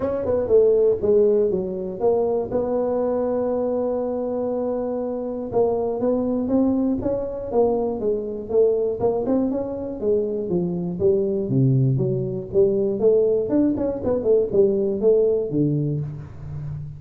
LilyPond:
\new Staff \with { instrumentName = "tuba" } { \time 4/4 \tempo 4 = 120 cis'8 b8 a4 gis4 fis4 | ais4 b2.~ | b2. ais4 | b4 c'4 cis'4 ais4 |
gis4 a4 ais8 c'8 cis'4 | gis4 f4 g4 c4 | fis4 g4 a4 d'8 cis'8 | b8 a8 g4 a4 d4 | }